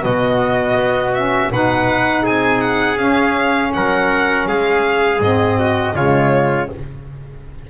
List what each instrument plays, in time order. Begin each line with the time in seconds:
0.00 double bass B2, saxophone B3, trumpet F#4, violin D#5
0.75 double bass B3
1.15 saxophone C#4, violin E5
1.51 double bass B2, saxophone D#4, trumpet B4, violin F#5
2.23 double bass C4, trumpet G#4, violin G#5
2.61 violin F#5
2.96 saxophone C#4, double bass C#4, violin F5
3.74 double bass F#3, trumpet A#4, violin F#5
4.48 double bass G#3, trumpet G#4, violin F5
5.21 double bass G#2, saxophone C4, violin D#5
5.59 trumpet F#4
5.95 double bass C#3, saxophone G#3, trumpet F4, violin C#5